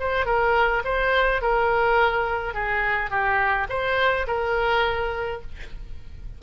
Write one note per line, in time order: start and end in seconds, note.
0.00 0.26 C5
0.26 0.83 A#4
0.85 1.42 C5
1.42 2.55 A#4
2.55 3.11 G#4
3.11 3.68 G4
3.69 4.26 C5
4.28 5.42 A#4